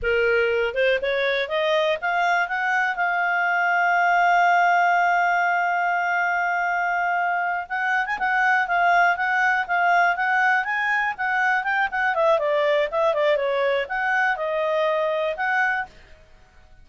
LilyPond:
\new Staff \with { instrumentName = "clarinet" } { \time 4/4 \tempo 4 = 121 ais'4. c''8 cis''4 dis''4 | f''4 fis''4 f''2~ | f''1~ | f''2.~ f''8 fis''8~ |
fis''16 gis''16 fis''4 f''4 fis''4 f''8~ | f''8 fis''4 gis''4 fis''4 g''8 | fis''8 e''8 d''4 e''8 d''8 cis''4 | fis''4 dis''2 fis''4 | }